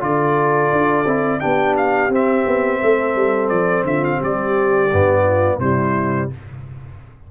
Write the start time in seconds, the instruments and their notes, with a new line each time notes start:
0.00 tuba D3, trombone F4, horn A4, trumpet D5
0.71 tuba D4
1.05 tuba C4, trombone E4
1.40 tuba B3, trombone D4, horn G4, trumpet G5
1.77 trumpet F5
2.09 tuba C4, trombone C4, trumpet E5
2.46 tuba B3
2.82 tuba A3, horn A4
3.15 tuba G3
3.48 tuba F3, trumpet D5
3.83 tuba D3, horn F4, trumpet E5
4.04 trumpet F5
4.17 tuba G3, horn G4
4.23 trumpet D5
4.92 tuba G2, trombone B3
5.23 horn F4
5.59 tuba C3, trombone G3, horn E4, trumpet C5